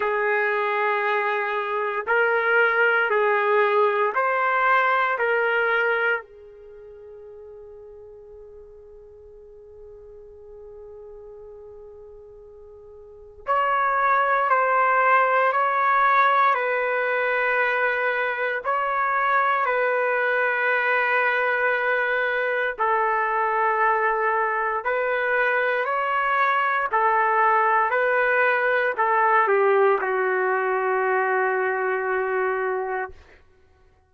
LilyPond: \new Staff \with { instrumentName = "trumpet" } { \time 4/4 \tempo 4 = 58 gis'2 ais'4 gis'4 | c''4 ais'4 gis'2~ | gis'1~ | gis'4 cis''4 c''4 cis''4 |
b'2 cis''4 b'4~ | b'2 a'2 | b'4 cis''4 a'4 b'4 | a'8 g'8 fis'2. | }